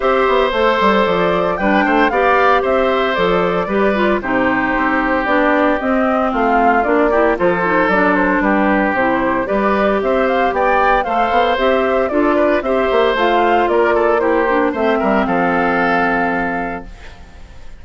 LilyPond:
<<
  \new Staff \with { instrumentName = "flute" } { \time 4/4 \tempo 4 = 114 e''4 c''4 d''4 g''4 | f''4 e''4 d''2 | c''2 d''4 dis''4 | f''4 d''4 c''4 d''8 c''8 |
b'4 c''4 d''4 e''8 f''8 | g''4 f''4 e''4 d''4 | e''4 f''4 d''4 c''4 | e''4 f''2. | }
  \new Staff \with { instrumentName = "oboe" } { \time 4/4 c''2. b'8 c''8 | d''4 c''2 b'4 | g'1 | f'4. g'8 a'2 |
g'2 b'4 c''4 | d''4 c''2 a'8 b'8 | c''2 ais'8 a'8 g'4 | c''8 ais'8 a'2. | }
  \new Staff \with { instrumentName = "clarinet" } { \time 4/4 g'4 a'2 d'4 | g'2 a'4 g'8 f'8 | dis'2 d'4 c'4~ | c'4 d'8 e'8 f'8 dis'8 d'4~ |
d'4 e'4 g'2~ | g'4 a'4 g'4 f'4 | g'4 f'2 e'8 d'8 | c'1 | }
  \new Staff \with { instrumentName = "bassoon" } { \time 4/4 c'8 b8 a8 g8 f4 g8 a8 | b4 c'4 f4 g4 | c4 c'4 b4 c'4 | a4 ais4 f4 fis4 |
g4 c4 g4 c'4 | b4 a8 b8 c'4 d'4 | c'8 ais8 a4 ais2 | a8 g8 f2. | }
>>